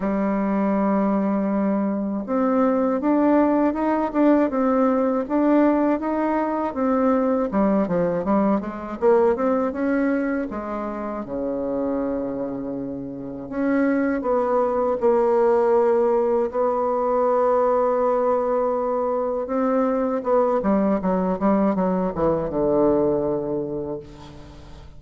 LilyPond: \new Staff \with { instrumentName = "bassoon" } { \time 4/4 \tempo 4 = 80 g2. c'4 | d'4 dis'8 d'8 c'4 d'4 | dis'4 c'4 g8 f8 g8 gis8 | ais8 c'8 cis'4 gis4 cis4~ |
cis2 cis'4 b4 | ais2 b2~ | b2 c'4 b8 g8 | fis8 g8 fis8 e8 d2 | }